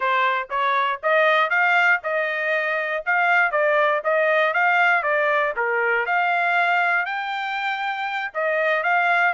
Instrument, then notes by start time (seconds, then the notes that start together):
trumpet
0.00 C5
0.50 C#5
1.02 D#5
1.49 F5
2.03 D#5
3.05 F5
3.51 D5
4.04 D#5
4.53 F5
5.03 D5
5.56 A#4
6.05 F5
7.05 G5
8.34 D#5
8.83 F5